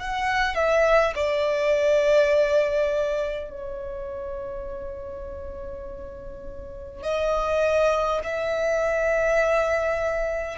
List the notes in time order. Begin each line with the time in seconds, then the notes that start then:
0.00 F#5
0.55 E5
1.16 D5
3.50 C#5
7.03 D#5
8.24 E5